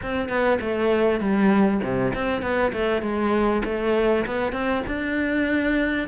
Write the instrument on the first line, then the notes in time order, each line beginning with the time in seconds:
cello
0.02 C4
0.28 B3
0.61 A3
1.20 G3
1.83 C3
2.14 C4
2.41 B3
2.72 A3
3.01 G#3
3.64 A3
4.26 B3
4.52 C4
4.87 D4